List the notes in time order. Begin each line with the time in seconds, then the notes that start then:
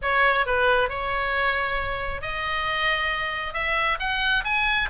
0.02 C#5
0.45 B4
0.89 C#5
2.21 D#5
3.53 E5
3.99 F#5
4.44 G#5